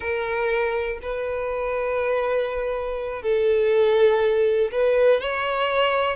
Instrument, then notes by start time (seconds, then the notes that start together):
violin
0.00 A#4
1.02 B4
3.22 A4
4.71 B4
5.20 C#5